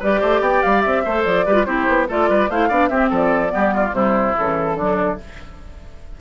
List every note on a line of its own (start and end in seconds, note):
0.00 0.21 G3
0.00 1.06 G4
0.00 0.20 B4
0.00 0.42 D5
0.20 0.40 A3
0.20 0.41 C5
0.40 0.61 B3
0.40 1.03 D5
0.40 0.62 G5
0.62 0.85 G3
0.62 0.81 F5
0.81 1.05 C4
0.81 1.23 E5
1.04 1.25 A3
1.04 1.47 A4
1.04 1.45 C5
1.24 1.46 F3
1.24 1.65 D5
1.45 1.66 G3
1.45 1.54 G4
1.45 1.66 B4
1.54 1.64 F4
1.65 1.87 C4
1.65 2.07 E4
1.65 2.08 G4
1.65 2.07 C5
1.88 2.09 B3
2.08 2.29 A3
2.08 2.50 F4
2.08 2.29 A4
2.08 2.50 D5
2.29 2.49 G3
2.29 2.50 B4
2.49 2.70 A3
2.49 2.70 E4
2.49 2.68 C5
2.49 2.88 F5
2.68 2.90 B3
2.68 2.90 D4
2.68 2.89 D5
2.88 3.11 C4
2.88 3.48 C4
2.88 3.10 G4
2.88 3.09 E5
3.10 3.52 F3
3.10 3.51 A4
3.10 3.94 D5
3.48 3.90 B3
3.48 3.74 G4
3.55 3.92 G3
3.74 3.95 F4
3.92 4.34 C3
3.92 4.34 G3
3.92 4.77 E4
3.92 4.36 C5
4.37 4.75 C#3
4.37 4.78 E3
4.37 5.20 A4
4.75 5.16 D3
4.75 5.19 F#3
4.75 5.18 D4